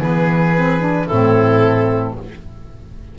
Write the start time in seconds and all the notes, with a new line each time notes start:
0.00 E3 B3 G#4 B4
0.56 C4
0.80 D4
1.07 A2 C4 E4 A4